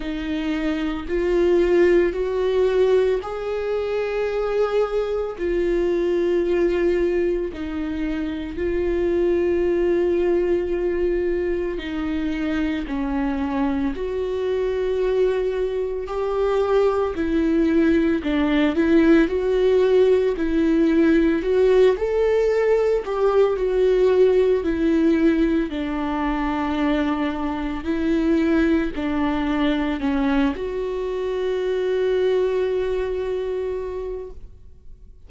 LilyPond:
\new Staff \with { instrumentName = "viola" } { \time 4/4 \tempo 4 = 56 dis'4 f'4 fis'4 gis'4~ | gis'4 f'2 dis'4 | f'2. dis'4 | cis'4 fis'2 g'4 |
e'4 d'8 e'8 fis'4 e'4 | fis'8 a'4 g'8 fis'4 e'4 | d'2 e'4 d'4 | cis'8 fis'2.~ fis'8 | }